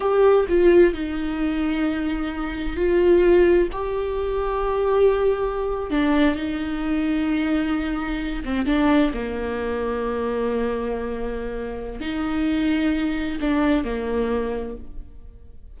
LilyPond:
\new Staff \with { instrumentName = "viola" } { \time 4/4 \tempo 4 = 130 g'4 f'4 dis'2~ | dis'2 f'2 | g'1~ | g'8. d'4 dis'2~ dis'16~ |
dis'2~ dis'16 c'8 d'4 ais16~ | ais1~ | ais2 dis'2~ | dis'4 d'4 ais2 | }